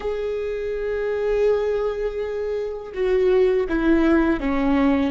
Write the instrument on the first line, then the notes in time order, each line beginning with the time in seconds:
viola
0.00 G#4
2.94 F#4
3.68 E4
4.40 C#4